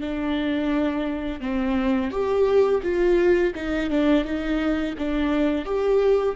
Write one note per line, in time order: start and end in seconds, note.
0.00 1.40 D4
1.40 2.10 C4
2.10 2.81 G4
2.82 3.53 F4
3.55 3.90 D#4
3.90 4.24 D4
4.24 4.94 D#4
4.98 5.65 D4
5.65 6.35 G4